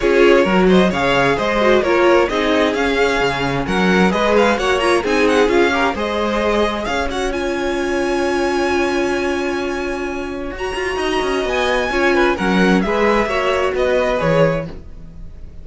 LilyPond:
<<
  \new Staff \with { instrumentName = "violin" } { \time 4/4 \tempo 4 = 131 cis''4. dis''8 f''4 dis''4 | cis''4 dis''4 f''2 | fis''4 dis''8 f''8 fis''8 ais''8 gis''8 fis''8 | f''4 dis''2 f''8 fis''8 |
gis''1~ | gis''2. ais''4~ | ais''4 gis''2 fis''4 | e''2 dis''4 cis''4 | }
  \new Staff \with { instrumentName = "violin" } { \time 4/4 gis'4 ais'8 c''8 cis''4 c''4 | ais'4 gis'2. | ais'4 b'4 cis''4 gis'4~ | gis'8 ais'8 c''2 cis''4~ |
cis''1~ | cis''1 | dis''2 cis''8 b'8 ais'4 | b'4 cis''4 b'2 | }
  \new Staff \with { instrumentName = "viola" } { \time 4/4 f'4 fis'4 gis'4. fis'8 | f'4 dis'4 cis'2~ | cis'4 gis'4 fis'8 f'8 dis'4 | f'8 g'8 gis'2~ gis'8 fis'8 |
f'1~ | f'2. fis'4~ | fis'2 f'4 cis'4 | gis'4 fis'2 gis'4 | }
  \new Staff \with { instrumentName = "cello" } { \time 4/4 cis'4 fis4 cis4 gis4 | ais4 c'4 cis'4 cis4 | fis4 gis4 ais4 c'4 | cis'4 gis2 cis'4~ |
cis'1~ | cis'2. fis'8 f'8 | dis'8 cis'8 b4 cis'4 fis4 | gis4 ais4 b4 e4 | }
>>